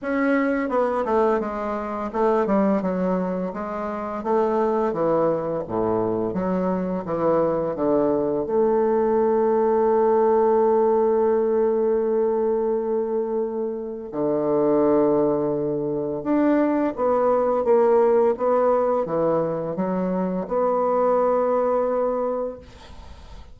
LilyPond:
\new Staff \with { instrumentName = "bassoon" } { \time 4/4 \tempo 4 = 85 cis'4 b8 a8 gis4 a8 g8 | fis4 gis4 a4 e4 | a,4 fis4 e4 d4 | a1~ |
a1 | d2. d'4 | b4 ais4 b4 e4 | fis4 b2. | }